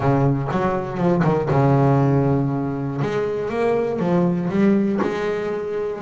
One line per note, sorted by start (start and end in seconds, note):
0.00 0.48 C#3
0.51 0.97 F#3
0.97 1.22 F3
1.24 1.49 D#3
1.50 3.00 C#3
3.01 3.49 G#3
3.49 3.99 A#3
3.99 4.49 F3
4.49 4.99 G3
5.02 6.01 G#3